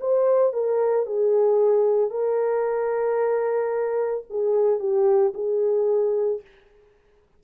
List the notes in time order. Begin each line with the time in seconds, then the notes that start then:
0.00 C5
0.53 A#4
1.06 G#4
2.10 A#4
4.30 G#4
4.79 G4
5.34 G#4